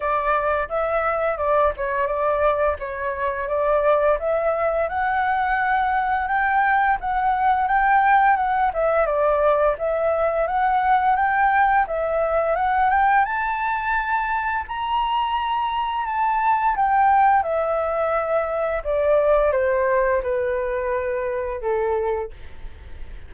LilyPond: \new Staff \with { instrumentName = "flute" } { \time 4/4 \tempo 4 = 86 d''4 e''4 d''8 cis''8 d''4 | cis''4 d''4 e''4 fis''4~ | fis''4 g''4 fis''4 g''4 | fis''8 e''8 d''4 e''4 fis''4 |
g''4 e''4 fis''8 g''8 a''4~ | a''4 ais''2 a''4 | g''4 e''2 d''4 | c''4 b'2 a'4 | }